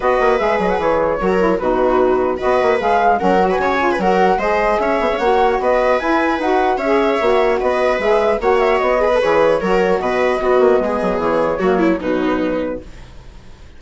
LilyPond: <<
  \new Staff \with { instrumentName = "flute" } { \time 4/4 \tempo 4 = 150 dis''4 e''8 dis''16 fis''16 cis''2 | b'2 dis''4 f''4 | fis''8. gis''4~ gis''16 fis''4 dis''4 | e''4 fis''4 dis''4 gis''4 |
fis''4 e''2 dis''4 | e''4 fis''8 e''8 dis''4 cis''4~ | cis''4 dis''2. | cis''2 b'2 | }
  \new Staff \with { instrumentName = "viola" } { \time 4/4 b'2. ais'4 | fis'2 b'2 | ais'8. b'16 cis''8. b'16 ais'4 c''4 | cis''2 b'2~ |
b'4 cis''2 b'4~ | b'4 cis''4. b'4. | ais'4 b'4 fis'4 gis'4~ | gis'4 fis'8 e'8 dis'2 | }
  \new Staff \with { instrumentName = "saxophone" } { \time 4/4 fis'4 gis'2 fis'8 e'8 | dis'2 fis'4 gis'4 | cis'8 fis'4 f'8 fis'4 gis'4~ | gis'4 fis'2 e'4 |
fis'4 gis'4 fis'2 | gis'4 fis'4. gis'16 a'16 gis'4 | fis'2 b2~ | b4 ais4 fis2 | }
  \new Staff \with { instrumentName = "bassoon" } { \time 4/4 b8 ais8 gis8 fis8 e4 fis4 | b,2 b8 ais8 gis4 | fis4 cis4 fis4 gis4 | cis'8 b16 cis'16 ais4 b4 e'4 |
dis'4 cis'4 ais4 b4 | gis4 ais4 b4 e4 | fis4 b,4 b8 ais8 gis8 fis8 | e4 fis4 b,2 | }
>>